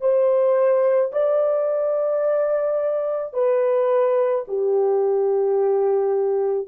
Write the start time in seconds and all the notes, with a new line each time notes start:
0.00 C5
1.12 D5
3.33 B4
4.47 G4